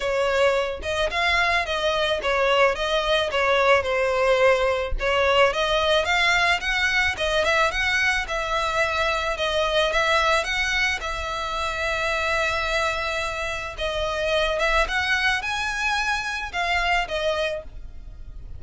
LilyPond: \new Staff \with { instrumentName = "violin" } { \time 4/4 \tempo 4 = 109 cis''4. dis''8 f''4 dis''4 | cis''4 dis''4 cis''4 c''4~ | c''4 cis''4 dis''4 f''4 | fis''4 dis''8 e''8 fis''4 e''4~ |
e''4 dis''4 e''4 fis''4 | e''1~ | e''4 dis''4. e''8 fis''4 | gis''2 f''4 dis''4 | }